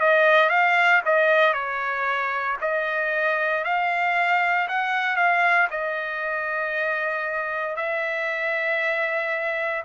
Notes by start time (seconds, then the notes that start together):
0.00 D#5
0.49 F5
1.05 D#5
1.53 C#5
2.61 D#5
3.64 F5
4.68 F#5
5.16 F5
5.70 D#5
7.76 E5